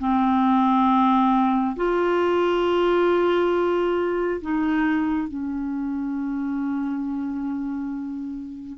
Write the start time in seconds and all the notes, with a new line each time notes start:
0.00 C4
1.76 F4
4.42 D#4
5.29 C#4